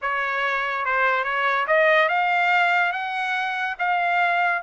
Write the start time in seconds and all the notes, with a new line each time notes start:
0.01 C#5
0.85 C5
1.24 C#5
1.67 D#5
2.08 F5
2.92 F#5
3.78 F5